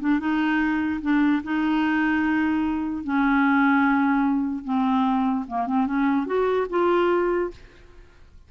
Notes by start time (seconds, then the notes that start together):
0.00 D4
0.20 D#4
1.02 D4
1.44 D#4
3.04 C#4
4.65 C4
5.47 A#3
5.67 C4
5.87 C#4
6.26 F#4
6.70 F4